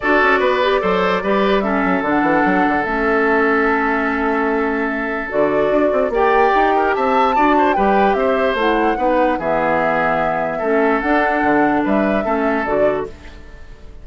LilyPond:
<<
  \new Staff \with { instrumentName = "flute" } { \time 4/4 \tempo 4 = 147 d''1 | e''4 fis''2 e''4~ | e''1~ | e''4 d''2 g''4~ |
g''4 a''2 g''4 | e''4 fis''2 e''4~ | e''2. fis''4~ | fis''4 e''2 d''4 | }
  \new Staff \with { instrumentName = "oboe" } { \time 4/4 a'4 b'4 c''4 b'4 | a'1~ | a'1~ | a'2. d''4~ |
d''8 ais'8 e''4 d''8 c''8 b'4 | c''2 b'4 gis'4~ | gis'2 a'2~ | a'4 b'4 a'2 | }
  \new Staff \with { instrumentName = "clarinet" } { \time 4/4 fis'4. g'8 a'4 g'4 | cis'4 d'2 cis'4~ | cis'1~ | cis'4 fis'2 g'4~ |
g'2 fis'4 g'4~ | g'4 e'4 dis'4 b4~ | b2 cis'4 d'4~ | d'2 cis'4 fis'4 | }
  \new Staff \with { instrumentName = "bassoon" } { \time 4/4 d'8 cis'8 b4 fis4 g4~ | g8 fis8 d8 e8 fis8 d8 a4~ | a1~ | a4 d4 d'8 c'8 ais4 |
dis'4 c'4 d'4 g4 | c'4 a4 b4 e4~ | e2 a4 d'4 | d4 g4 a4 d4 | }
>>